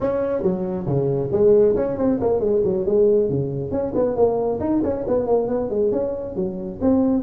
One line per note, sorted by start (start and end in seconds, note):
0.00 0.42 C#4
0.42 0.86 F#3
0.86 1.30 C#3
1.32 1.75 G#3
1.76 1.97 C#4
1.97 2.19 C4
2.20 2.39 A#3
2.39 2.61 G#3
2.64 2.85 F#3
2.86 3.29 G#3
3.29 3.71 C#3
3.71 3.93 C#4
3.94 4.15 B3
4.15 4.59 A#3
4.60 4.82 D#4
4.83 5.05 C#4
5.07 5.26 B3
5.26 5.48 A#3
5.48 5.70 B3
5.70 5.91 G#3
5.91 6.35 C#4
6.35 6.79 F#3
6.81 7.23 C4